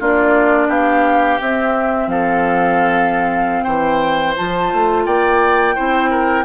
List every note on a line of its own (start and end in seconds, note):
0.00 0.69 A#3
0.00 1.40 D4
0.00 0.68 F4
0.00 0.70 D5
0.68 1.38 B3
0.68 2.07 G4
0.68 1.40 F5
1.41 2.08 C4
1.41 4.36 C4
1.41 2.09 E5
2.08 3.65 F3
2.08 3.64 A4
2.08 3.64 F5
3.64 4.36 E3
3.64 5.03 C5
3.64 4.34 G5
4.36 4.73 F3
4.36 5.76 F4
4.36 5.06 A5
4.73 5.07 A3
5.06 5.76 A#3
5.06 5.76 D5
5.06 6.45 G5
5.76 6.45 C4
5.76 6.45 E4
5.76 6.10 C5
6.11 6.45 A#4